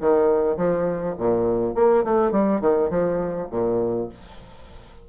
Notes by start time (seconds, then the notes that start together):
0.00 D#3
0.57 F3
1.18 A#2
1.74 A#3
2.04 A3
2.31 G3
2.61 D#3
2.90 F3
3.51 A#2